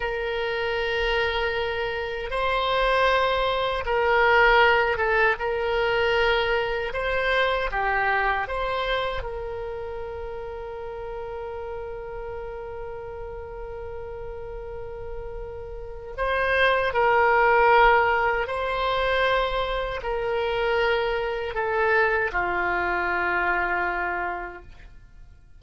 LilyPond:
\new Staff \with { instrumentName = "oboe" } { \time 4/4 \tempo 4 = 78 ais'2. c''4~ | c''4 ais'4. a'8 ais'4~ | ais'4 c''4 g'4 c''4 | ais'1~ |
ais'1~ | ais'4 c''4 ais'2 | c''2 ais'2 | a'4 f'2. | }